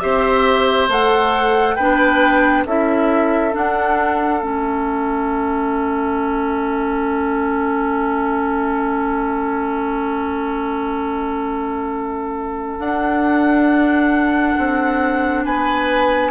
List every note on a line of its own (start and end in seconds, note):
0.00 0.88 C4
0.00 0.89 G4
0.00 1.76 C5
0.00 0.88 E5
0.88 1.76 A3
0.88 1.77 A4
0.88 1.76 F#5
1.76 2.65 B3
1.76 2.67 D4
1.76 2.64 B4
1.76 2.64 G5
2.65 3.53 C#4
2.65 3.52 E4
2.65 15.45 A4
2.65 3.55 E5
3.52 4.40 D4
3.52 4.42 D4
3.52 4.42 F#5
4.41 12.78 A3
4.41 12.79 C#4
4.41 12.79 E5
12.78 14.55 D4
12.78 16.31 D4
12.78 15.44 F#5
14.58 15.45 C4
15.44 16.31 B3
15.44 16.31 B4
15.44 16.31 G#5